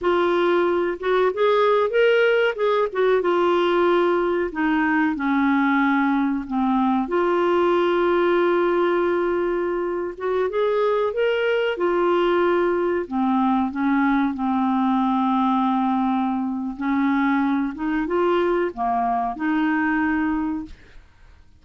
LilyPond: \new Staff \with { instrumentName = "clarinet" } { \time 4/4 \tempo 4 = 93 f'4. fis'8 gis'4 ais'4 | gis'8 fis'8 f'2 dis'4 | cis'2 c'4 f'4~ | f'2.~ f'8. fis'16~ |
fis'16 gis'4 ais'4 f'4.~ f'16~ | f'16 c'4 cis'4 c'4.~ c'16~ | c'2 cis'4. dis'8 | f'4 ais4 dis'2 | }